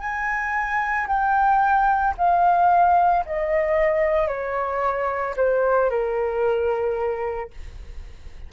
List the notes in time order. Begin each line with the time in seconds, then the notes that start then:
0.00 G#5
1.08 G5
2.18 F5
3.26 D#5
4.28 C#5
5.37 C5
5.90 A#4